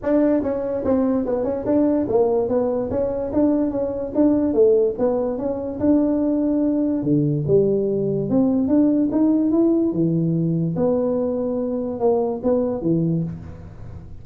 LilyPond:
\new Staff \with { instrumentName = "tuba" } { \time 4/4 \tempo 4 = 145 d'4 cis'4 c'4 b8 cis'8 | d'4 ais4 b4 cis'4 | d'4 cis'4 d'4 a4 | b4 cis'4 d'2~ |
d'4 d4 g2 | c'4 d'4 dis'4 e'4 | e2 b2~ | b4 ais4 b4 e4 | }